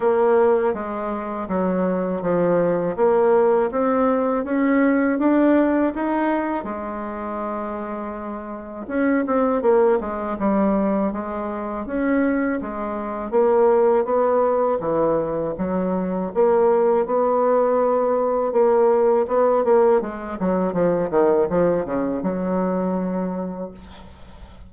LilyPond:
\new Staff \with { instrumentName = "bassoon" } { \time 4/4 \tempo 4 = 81 ais4 gis4 fis4 f4 | ais4 c'4 cis'4 d'4 | dis'4 gis2. | cis'8 c'8 ais8 gis8 g4 gis4 |
cis'4 gis4 ais4 b4 | e4 fis4 ais4 b4~ | b4 ais4 b8 ais8 gis8 fis8 | f8 dis8 f8 cis8 fis2 | }